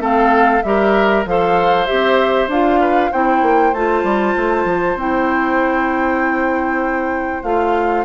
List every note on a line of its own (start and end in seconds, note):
0.00 0.62 A3
0.00 0.62 C4
0.00 0.63 A4
0.00 0.62 F5
0.62 1.26 G3
0.62 1.27 G4
0.62 1.29 A#4
0.62 1.24 E5
1.26 1.88 F3
1.26 1.87 A4
1.26 2.81 C5
1.26 1.87 F5
1.87 2.48 C4
1.87 2.49 G4
1.87 2.48 E5
2.48 3.10 D4
2.48 3.12 F4
2.48 3.12 F5
2.81 3.11 B4
3.11 3.42 C4
3.11 3.74 E4
3.11 8.05 C5
3.11 3.74 G5
3.42 3.73 A#3
3.73 4.04 A3
3.73 4.98 F4
3.73 4.98 A5
4.04 4.35 G3
4.37 4.65 A3
4.65 4.95 F3
4.95 7.43 C4
4.95 7.45 E4
4.95 7.43 G5
7.43 8.05 A3
7.43 8.05 F4
7.43 8.05 F5